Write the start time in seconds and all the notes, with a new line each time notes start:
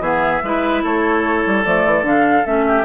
0.00 E3 B3 G#4 E5
0.43 G#3 E4 B4
0.84 A3 A4 C#5
1.47 G3
1.65 F3 A3 D5
1.86 E3
2.03 D3 D4 F5
2.45 A3 C#4 E5
2.68 G4